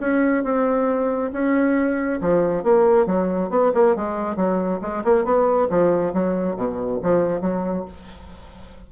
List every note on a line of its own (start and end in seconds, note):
0.00 0.43 C#4
0.43 1.31 C4
1.32 2.20 C#4
2.21 2.63 F3
2.63 3.06 A#3
3.06 3.50 F#3
3.50 3.71 B3
3.74 3.96 A#3
3.96 4.36 G#3
4.36 4.80 F#3
4.81 5.03 G#3
5.04 5.24 A#3
5.24 5.68 B3
5.70 6.13 F3
6.13 6.56 F#3
6.56 7.00 B2
7.02 7.41 F3
7.41 7.85 F#3